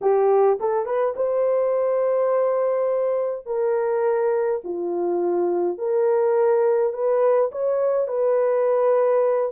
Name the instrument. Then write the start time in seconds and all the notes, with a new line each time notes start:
horn
0.01 G4
0.60 A4
0.85 B4
1.16 C5
3.46 A#4
4.64 F4
5.78 A#4
6.93 B4
7.51 C#5
8.07 B4